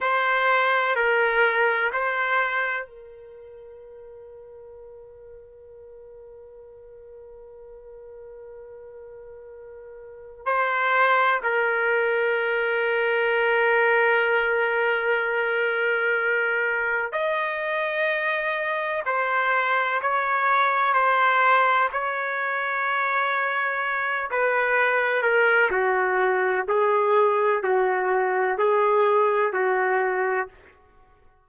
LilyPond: \new Staff \with { instrumentName = "trumpet" } { \time 4/4 \tempo 4 = 63 c''4 ais'4 c''4 ais'4~ | ais'1~ | ais'2. c''4 | ais'1~ |
ais'2 dis''2 | c''4 cis''4 c''4 cis''4~ | cis''4. b'4 ais'8 fis'4 | gis'4 fis'4 gis'4 fis'4 | }